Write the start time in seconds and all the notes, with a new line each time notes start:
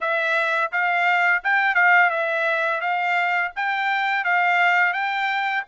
0.00 E5
0.72 F5
1.43 G5
1.74 F5
2.10 E5
2.80 F5
3.56 G5
4.24 F5
4.93 G5